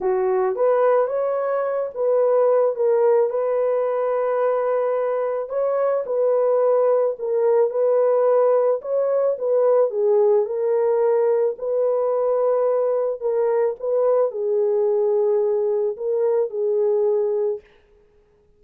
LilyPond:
\new Staff \with { instrumentName = "horn" } { \time 4/4 \tempo 4 = 109 fis'4 b'4 cis''4. b'8~ | b'4 ais'4 b'2~ | b'2 cis''4 b'4~ | b'4 ais'4 b'2 |
cis''4 b'4 gis'4 ais'4~ | ais'4 b'2. | ais'4 b'4 gis'2~ | gis'4 ais'4 gis'2 | }